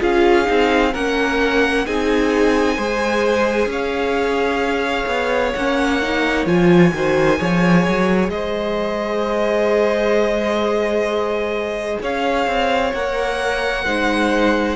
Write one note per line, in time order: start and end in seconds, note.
0.00 0.48 C#4
0.00 0.45 F4
0.00 0.93 G#4
0.00 0.94 F5
0.45 0.95 C4
0.45 0.91 D#4
0.93 1.87 A#3
0.93 1.86 C#4
0.93 1.85 A#4
0.93 1.86 F#5
1.86 2.78 C4
1.86 2.78 D#4
1.86 2.76 G#4
1.86 3.71 G#5
2.76 3.66 G#3
2.76 5.55 G#4
2.76 3.68 C5
3.66 5.05 C#4
3.66 6.94 C#5
3.66 5.53 F5
5.06 5.52 B3
5.53 6.46 A#3
5.53 6.02 C#4
5.53 6.45 F#5
6.02 6.47 D#4
6.46 6.92 F3
6.46 6.93 F4
6.46 8.30 G#5
6.93 7.39 D#3
6.93 7.37 F#4
6.93 7.39 C5
7.37 7.87 F3
7.37 12.91 G#4
7.37 8.31 C#5
7.88 8.28 F#3
8.28 11.97 G#3
8.28 12.01 C5
8.28 11.99 D#5
12.01 12.47 C#4
12.01 13.85 C#5
12.01 12.94 F5
12.47 12.93 C4
12.93 13.86 A#3
12.93 13.86 A#4
12.93 14.76 F#5
13.85 14.76 G#3
13.85 14.76 D#4
13.85 14.76 C5